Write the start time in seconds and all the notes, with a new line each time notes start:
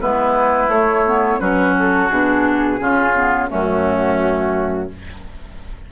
0.00 G#3 B3 E4 B4
0.69 A3 C#5
1.07 B3
1.40 F#3 C#4 F#4 B4
1.79 A4
2.10 B2 D4 G#4
2.80 C#3 C#4 F4
3.15 B3
3.50 F#2 A3 C#4 F#4